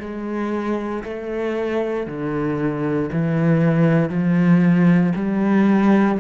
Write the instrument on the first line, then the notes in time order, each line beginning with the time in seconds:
cello
0.00 G#3
1.04 A3
2.07 D3
3.12 E3
4.10 F3
5.16 G3